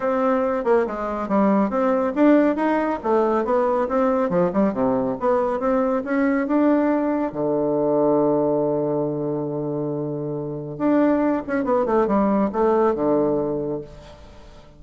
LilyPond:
\new Staff \with { instrumentName = "bassoon" } { \time 4/4 \tempo 4 = 139 c'4. ais8 gis4 g4 | c'4 d'4 dis'4 a4 | b4 c'4 f8 g8 c4 | b4 c'4 cis'4 d'4~ |
d'4 d2.~ | d1~ | d4 d'4. cis'8 b8 a8 | g4 a4 d2 | }